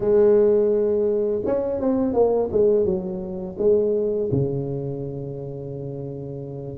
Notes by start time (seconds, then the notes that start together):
0.00 G#3
1.45 C#4
1.80 C4
2.13 A#3
2.51 G#3
2.85 F#3
3.58 G#3
4.31 C#3